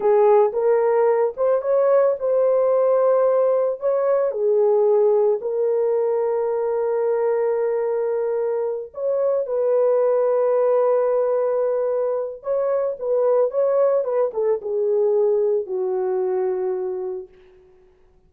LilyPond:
\new Staff \with { instrumentName = "horn" } { \time 4/4 \tempo 4 = 111 gis'4 ais'4. c''8 cis''4 | c''2. cis''4 | gis'2 ais'2~ | ais'1~ |
ais'8 cis''4 b'2~ b'8~ | b'2. cis''4 | b'4 cis''4 b'8 a'8 gis'4~ | gis'4 fis'2. | }